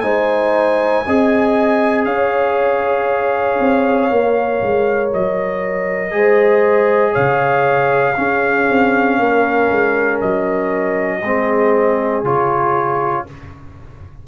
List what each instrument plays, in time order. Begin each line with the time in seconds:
0.00 tuba G#3, trombone D#4, horn C5, trumpet G#5
1.06 tuba C4, trombone G#4, horn D#5
2.04 tuba C#4, horn C#5, trumpet F5
3.59 tuba C4
4.10 tuba A#3, trombone A#4
4.62 tuba G#3
5.13 tuba F#3, trumpet D#5
6.10 tuba G#3, trombone G#4, horn C5
7.12 tuba C#3, horn C#5, trumpet F5
8.16 trombone C#4, tuba C#4, horn G#4
8.68 tuba C4
9.19 tuba A#3, horn A#4
9.70 tuba G#3
10.21 tuba F#3, trumpet D#5
11.20 tuba G#3, trombone C4, horn G#4
12.23 tuba C#3, trombone F4, trumpet C#5